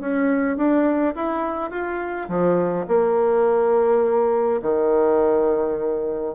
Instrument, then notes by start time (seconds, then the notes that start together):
bassoon
0.00 C#4
0.57 D4
1.15 E4
1.70 F4
2.28 F3
2.88 A#3
4.62 D#3